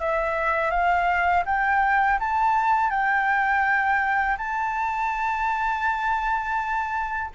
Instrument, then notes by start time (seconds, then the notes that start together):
flute
0.00 E5
0.71 F5
1.45 G5
2.20 A5
2.90 G5
4.38 A5